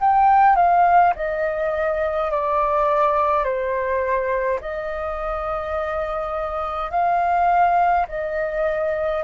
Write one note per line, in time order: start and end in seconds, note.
0.00 0.56 G5
0.56 1.13 F5
1.15 2.31 D#5
2.31 3.44 D5
3.44 4.59 C5
4.60 6.90 D#5
6.90 8.06 F5
8.08 9.23 D#5